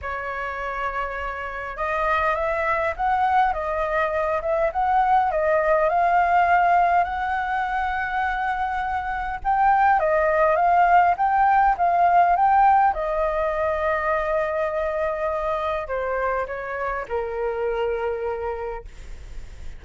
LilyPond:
\new Staff \with { instrumentName = "flute" } { \time 4/4 \tempo 4 = 102 cis''2. dis''4 | e''4 fis''4 dis''4. e''8 | fis''4 dis''4 f''2 | fis''1 |
g''4 dis''4 f''4 g''4 | f''4 g''4 dis''2~ | dis''2. c''4 | cis''4 ais'2. | }